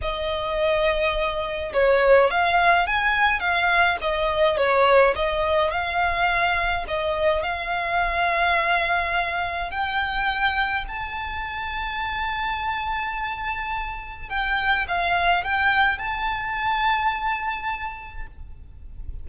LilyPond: \new Staff \with { instrumentName = "violin" } { \time 4/4 \tempo 4 = 105 dis''2. cis''4 | f''4 gis''4 f''4 dis''4 | cis''4 dis''4 f''2 | dis''4 f''2.~ |
f''4 g''2 a''4~ | a''1~ | a''4 g''4 f''4 g''4 | a''1 | }